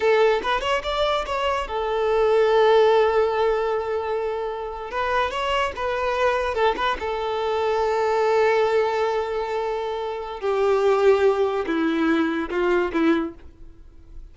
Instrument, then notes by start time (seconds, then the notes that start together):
violin
0.00 A4
0.42 B4
0.61 C#5
0.83 D5
1.26 C#5
1.67 A4
4.90 B4
5.30 C#5
5.76 B4
6.54 A4
6.76 B4
6.99 A4
10.40 G4
11.66 E4
12.50 F4
12.92 E4